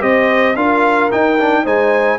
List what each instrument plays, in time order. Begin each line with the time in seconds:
0.00 tuba C4, trombone G4, horn C5, trumpet D#5
0.56 tuba D4, trombone F4, horn A#4, trumpet F5
1.11 trombone D#4, tuba D#4, trumpet G5
1.39 trombone D4
1.64 tuba G#3, trombone D#4, horn C5, trumpet G#5